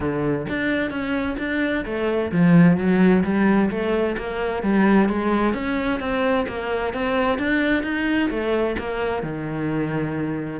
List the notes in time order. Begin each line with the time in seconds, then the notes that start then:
0.00 D3
0.48 D4
0.90 C#4
1.38 D4
1.85 A3
2.31 F3
2.77 F#3
3.23 G3
3.70 A3
4.17 A#3
4.63 G3
5.08 G#3
5.54 C#4
6.00 C4
6.48 A#3
6.93 C4
7.38 D4
7.83 D#4
8.30 A3
8.78 A#3
9.22 D#3